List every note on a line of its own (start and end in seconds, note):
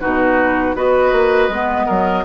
0.00 0.75 B2
0.00 0.75 D#4
0.00 0.75 F#4
0.00 0.75 B4
0.75 1.12 B3
0.75 1.50 F#4
0.75 1.86 B4
0.75 2.24 D#5
1.12 1.48 A#3
1.48 1.85 G#3
1.48 2.24 B3
1.86 2.24 F#3
1.86 2.23 A#4